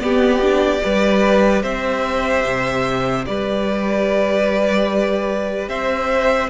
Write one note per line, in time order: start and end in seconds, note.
0.00 0.81 B3
0.00 0.42 B3
0.00 0.83 G4
0.00 1.62 D5
0.42 0.80 D4
0.80 1.63 G3
0.80 6.48 G4
0.80 1.63 B4
1.63 2.44 C4
1.63 3.25 C5
1.63 3.25 E5
2.44 3.25 C3
3.26 5.69 G3
3.26 5.69 B4
3.26 5.69 D5
5.69 6.50 C4
5.69 6.50 C5
5.69 6.50 E5